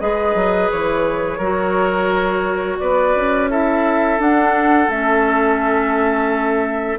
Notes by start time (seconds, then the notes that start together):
0.00 G#3 G#4 B4 D#5
0.34 F#3
0.71 E3 C#5
1.38 F#3 F#4 A#4
2.79 B3 B4 D5
3.15 C#4
3.50 E4 A4 E5
4.19 D4 F#5
4.88 A3 C#4 E5